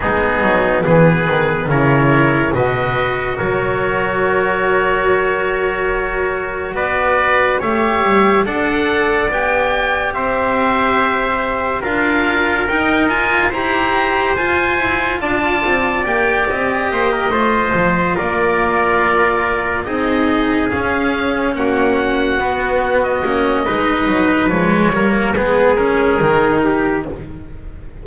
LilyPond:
<<
  \new Staff \with { instrumentName = "oboe" } { \time 4/4 \tempo 4 = 71 gis'4 b'4 cis''4 dis''4 | cis''1 | d''4 e''4 fis''4 g''4 | e''2 f''4 g''8 gis''8 |
ais''4 gis''4 a''4 g''8 dis''8~ | dis''4. d''2 dis''8~ | dis''8 f''4 fis''4.~ fis''16 dis''8.~ | dis''4 cis''4 b'8 ais'4. | }
  \new Staff \with { instrumentName = "trumpet" } { \time 4/4 dis'4 gis'4 ais'4 b'4 | ais'1 | b'4 cis''4 d''2 | c''2 ais'2 |
c''2 d''2 | c''16 ais'16 c''4 ais'2 gis'8~ | gis'4. fis'2~ fis'8 | b'4. ais'8 gis'4. g'8 | }
  \new Staff \with { instrumentName = "cello" } { \time 4/4 b2 e'4 fis'4~ | fis'1~ | fis'4 g'4 a'4 g'4~ | g'2 f'4 dis'8 f'8 |
g'4 f'2 g'4~ | g'8 f'2. dis'8~ | dis'8 cis'2 b4 cis'8 | dis'4 gis8 ais8 b8 cis'8 dis'4 | }
  \new Staff \with { instrumentName = "double bass" } { \time 4/4 gis8 fis8 e8 dis8 cis4 b,4 | fis1 | b4 a8 g8 d'4 b4 | c'2 d'4 dis'4 |
e'4 f'8 e'8 d'8 c'8 ais8 c'8 | ais8 a8 f8 ais2 c'8~ | c'8 cis'4 ais4 b4 ais8 | gis8 fis8 f8 g8 gis4 dis4 | }
>>